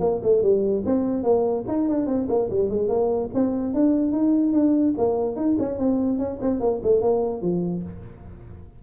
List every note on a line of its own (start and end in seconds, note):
0.00 0.21 A#3
0.23 0.42 A3
0.42 0.83 G3
0.85 1.23 C4
1.23 1.64 A#3
1.68 1.88 D#4
1.88 2.06 D4
2.06 2.27 C4
2.28 2.49 A#3
2.50 2.69 G3
2.69 2.88 G#3
2.88 3.29 A#3
3.34 3.74 C4
3.74 4.12 D4
4.12 4.53 D#4
4.53 4.94 D4
4.97 5.36 A#3
5.36 5.56 D#4
5.59 5.78 C#4
5.78 6.18 C4
6.18 6.39 C#4
6.41 6.60 C4
6.60 6.81 A#3
6.83 7.01 A3
7.01 7.41 A#3
7.41 7.83 F3